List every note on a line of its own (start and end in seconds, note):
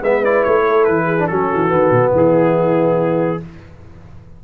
0.00 0.44 G#3
0.00 0.24 B3
0.00 0.63 B4
0.00 0.24 E5
0.24 1.19 E4
0.24 0.44 D5
0.44 0.88 A3
0.44 0.85 C#5
0.67 1.06 A4
0.85 1.31 E3
0.85 1.27 B4
1.06 1.27 G#4
1.19 1.30 D4
1.28 1.52 F#3
1.28 1.69 C#4
1.28 2.14 F#4
1.28 2.12 A4
1.55 1.72 E3
1.69 1.91 D#3
1.69 3.38 B3
1.91 2.12 B2
2.12 3.39 E3
2.12 3.43 E4
2.12 3.44 G#4